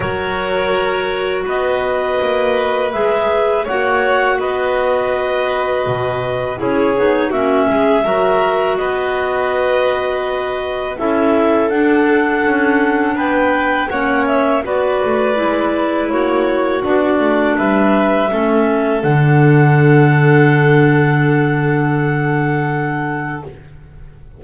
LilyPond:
<<
  \new Staff \with { instrumentName = "clarinet" } { \time 4/4 \tempo 4 = 82 cis''2 dis''2 | e''4 fis''4 dis''2~ | dis''4 cis''4 e''2 | dis''2. e''4 |
fis''2 g''4 fis''8 e''8 | d''2 cis''4 d''4 | e''2 fis''2~ | fis''1 | }
  \new Staff \with { instrumentName = "violin" } { \time 4/4 ais'2 b'2~ | b'4 cis''4 b'2~ | b'4 gis'4 fis'8 gis'8 ais'4 | b'2. a'4~ |
a'2 b'4 cis''4 | b'2 fis'2 | b'4 a'2.~ | a'1 | }
  \new Staff \with { instrumentName = "clarinet" } { \time 4/4 fis'1 | gis'4 fis'2.~ | fis'4 e'8 dis'8 cis'4 fis'4~ | fis'2. e'4 |
d'2. cis'4 | fis'4 e'2 d'4~ | d'4 cis'4 d'2~ | d'1 | }
  \new Staff \with { instrumentName = "double bass" } { \time 4/4 fis2 b4 ais4 | gis4 ais4 b2 | b,4 cis'8 b8 ais8 gis8 fis4 | b2. cis'4 |
d'4 cis'4 b4 ais4 | b8 a8 gis4 ais4 b8 a8 | g4 a4 d2~ | d1 | }
>>